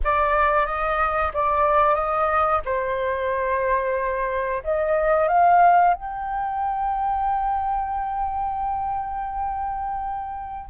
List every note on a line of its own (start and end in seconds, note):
0.04 0.66 D5
0.66 1.32 D#5
1.33 1.95 D5
1.95 2.60 D#5
2.65 4.62 C5
4.63 5.27 D#5
5.27 5.93 F5
5.94 10.70 G5